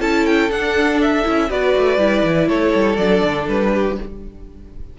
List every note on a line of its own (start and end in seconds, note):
0.00 0.50 C#4
0.00 0.50 E4
0.00 1.49 A4
0.00 0.26 A5
0.26 0.51 G5
0.50 1.24 D4
0.50 1.01 F#5
1.02 1.51 E5
1.24 1.50 C#4
1.24 1.48 E4
1.50 1.75 B3
1.50 1.99 F#4
1.50 2.48 B4
1.50 2.49 D5
1.77 1.98 A3
1.98 2.22 G3
1.98 2.98 E4
2.24 2.49 E3
2.48 2.73 A3
2.48 3.72 A4
2.48 2.96 C#5
2.75 2.98 G3
2.96 3.22 F#3
2.96 3.99 D4
2.96 3.46 D5
3.24 3.48 D3
3.48 3.98 G3
3.48 3.99 B4
3.73 3.97 G4